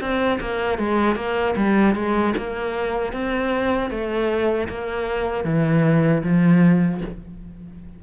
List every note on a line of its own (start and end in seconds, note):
0.00 0.39 C4
0.40 0.78 A#3
0.78 1.15 G#3
1.15 1.54 A#3
1.56 1.95 G3
1.95 2.34 G#3
2.37 3.12 A#3
3.12 3.90 C4
3.90 4.68 A3
4.69 5.44 A#3
5.44 6.22 E3
6.23 7.01 F3